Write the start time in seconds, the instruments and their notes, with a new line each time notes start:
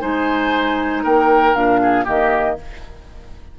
0.00 bassoon G#3, clarinet D#4, oboe C5, flute G#5
1.03 bassoon A#3, oboe A#4, flute G5
1.54 bassoon A#2, clarinet D4, flute F5
1.83 oboe G#4
2.04 bassoon D#3, clarinet A#3, oboe G4, flute D#5